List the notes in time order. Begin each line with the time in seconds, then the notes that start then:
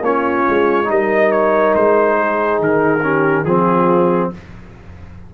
0.00 A#3 C#4 F4 C#5
0.48 G#3
0.84 G3 D#4
0.90 A#4 D#5
1.31 C#5
1.75 G#3 C5
2.18 G#4
2.59 D#3 A#4
3.02 C#4 G4
3.44 F3 C4 F4 G#4